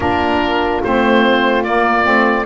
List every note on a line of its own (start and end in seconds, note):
0.00 0.81 A#3
0.00 0.82 D4
0.00 2.46 F4
0.00 0.82 A#4
0.84 1.65 A3
0.84 1.65 C4
0.84 1.63 C5
1.63 2.06 A#3
1.63 2.04 A#3
1.63 2.46 D5
2.04 2.46 A3
2.04 2.45 C4